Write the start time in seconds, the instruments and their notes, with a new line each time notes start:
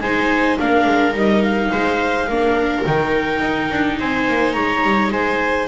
0.00 double bass G#3, viola D#4 C5, clarinet G#5
0.59 double bass A#3, viola D4 A#4, clarinet F5
0.86 double bass G#3
1.13 double bass G3, viola D#4, clarinet D#5
1.43 clarinet F5
1.72 double bass G#3, viola C5
2.27 double bass A#3, viola D4 A#4
2.85 double bass D#3, viola D#4, clarinet G5
3.40 double bass D#4
3.72 double bass D4
3.99 double bass C4, viola C5, clarinet G#5
4.28 double bass A#3
4.53 double bass G#3, viola C#5, clarinet A#5
4.83 double bass G3
5.11 double bass G#3, viola C5, clarinet G#5